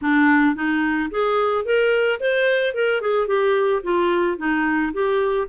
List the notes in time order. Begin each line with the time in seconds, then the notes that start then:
0.01 D4
0.55 D#4
1.10 G#4
1.65 A#4
2.20 C5
2.74 A#4
3.01 G#4
3.27 G4
3.83 F4
4.37 D#4
4.93 G4